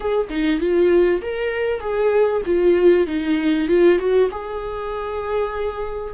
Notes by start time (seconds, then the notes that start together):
0.00 G#4
0.29 D#4
0.60 F4
1.21 A#4
1.80 G#4
2.45 F4
3.06 D#4
3.68 F4
3.99 F#4
4.31 G#4